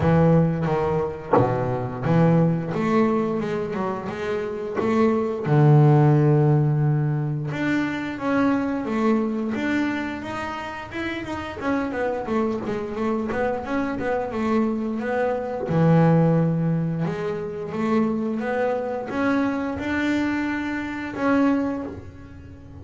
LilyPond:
\new Staff \with { instrumentName = "double bass" } { \time 4/4 \tempo 4 = 88 e4 dis4 b,4 e4 | a4 gis8 fis8 gis4 a4 | d2. d'4 | cis'4 a4 d'4 dis'4 |
e'8 dis'8 cis'8 b8 a8 gis8 a8 b8 | cis'8 b8 a4 b4 e4~ | e4 gis4 a4 b4 | cis'4 d'2 cis'4 | }